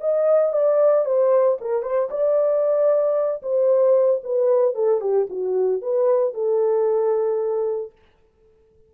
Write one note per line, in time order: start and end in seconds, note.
0.00 0.52 D#5
0.52 1.05 D5
1.05 1.57 C5
1.60 1.82 A#4
1.82 2.08 C5
2.10 3.42 D5
3.42 4.21 C5
4.23 4.74 B4
4.74 5.00 A4
5.00 5.27 G4
5.29 5.81 F#4
5.81 6.33 B4
6.33 7.91 A4